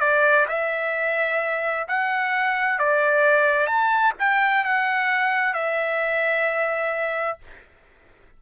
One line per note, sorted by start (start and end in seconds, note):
0.00 0.46 D5
0.49 1.87 E5
1.88 2.79 F#5
2.79 3.67 D5
3.67 4.13 A5
4.20 4.64 G5
4.64 5.54 F#5
5.54 7.38 E5